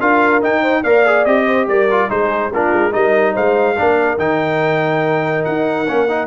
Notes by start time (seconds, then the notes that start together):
0.00 D4 F4 A#4 F5
0.41 D#4 G5
0.61 C5
0.83 A#3 A#4 D5 F5
1.05 G#4
1.25 C4 G4 D#5
1.45 C5
1.67 G3 A#4 D5
1.90 F4
2.09 G#3 D#4 G#4 C5
2.53 A#3 D4 F4 A#4
2.72 G#3
2.91 G3 D#4 A#4 D#5
3.33 G#3 C5 F5
3.76 A#3 D4 A#4
4.18 D#3 D#4 G5
5.44 D#4 F#5
5.88 A#3 C#4
6.08 D#4